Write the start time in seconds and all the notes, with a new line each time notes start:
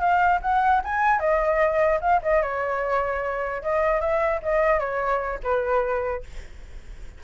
0.00 F5
0.42 F#5
0.84 G#5
1.19 D#5
2.01 F5
2.22 D#5
2.43 C#5
3.62 D#5
4.01 E5
4.43 D#5
4.80 C#5
5.43 B4